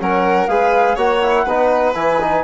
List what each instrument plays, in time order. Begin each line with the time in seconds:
0.00 bassoon F#3, trombone C#4, violin A#4, flute F#5
0.47 bassoon G#3, trombone G#4, violin B4, flute F5
0.95 bassoon A#3, trombone F#4, violin C#5, flute F#5
1.22 trombone E4
1.45 bassoon B3, trombone D#4, violin B4
1.94 bassoon E3, trombone E4, flute G#5
2.20 trombone D#4